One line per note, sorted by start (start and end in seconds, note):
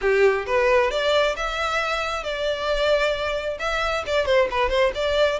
0.01 0.46 G4
0.46 0.90 B4
0.90 1.35 D5
1.36 2.23 E5
2.23 3.58 D5
3.59 4.04 E5
4.06 4.25 D5
4.25 4.48 C5
4.50 4.69 B4
4.69 4.92 C5
4.94 5.39 D5